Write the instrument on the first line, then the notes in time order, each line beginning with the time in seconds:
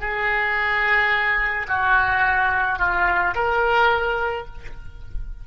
oboe
0.00 G#4
1.68 F#4
2.79 F4
3.35 A#4